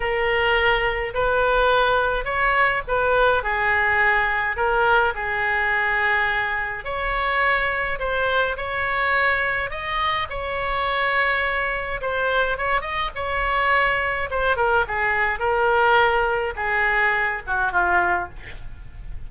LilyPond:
\new Staff \with { instrumentName = "oboe" } { \time 4/4 \tempo 4 = 105 ais'2 b'2 | cis''4 b'4 gis'2 | ais'4 gis'2. | cis''2 c''4 cis''4~ |
cis''4 dis''4 cis''2~ | cis''4 c''4 cis''8 dis''8 cis''4~ | cis''4 c''8 ais'8 gis'4 ais'4~ | ais'4 gis'4. fis'8 f'4 | }